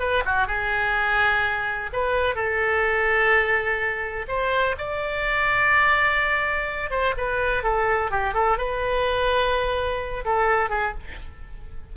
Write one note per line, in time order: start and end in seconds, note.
0.00 0.24 B4
0.26 0.48 F#4
0.48 1.90 G#4
1.93 2.36 B4
2.36 4.26 A4
4.28 4.76 C5
4.78 6.91 D5
6.91 7.15 C5
7.18 7.64 B4
7.64 8.11 A4
8.11 8.34 G4
8.34 8.58 A4
8.58 10.25 B4
10.25 10.70 A4
10.70 10.94 G#4